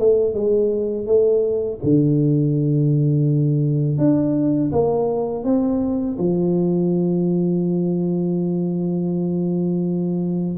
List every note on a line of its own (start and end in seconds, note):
0.00 0.35 A3
0.35 1.07 G#3
1.07 1.80 A3
1.84 3.98 D3
3.98 4.72 D4
4.73 5.45 A#3
5.45 6.18 C4
6.19 10.58 F3